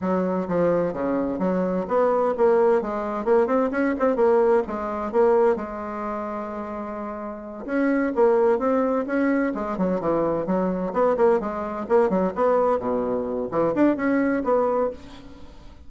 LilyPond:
\new Staff \with { instrumentName = "bassoon" } { \time 4/4 \tempo 4 = 129 fis4 f4 cis4 fis4 | b4 ais4 gis4 ais8 c'8 | cis'8 c'8 ais4 gis4 ais4 | gis1~ |
gis8 cis'4 ais4 c'4 cis'8~ | cis'8 gis8 fis8 e4 fis4 b8 | ais8 gis4 ais8 fis8 b4 b,8~ | b,4 e8 d'8 cis'4 b4 | }